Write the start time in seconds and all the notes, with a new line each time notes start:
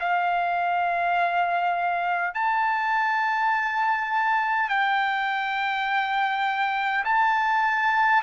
0.00 F5
2.35 A5
4.70 G5
7.05 A5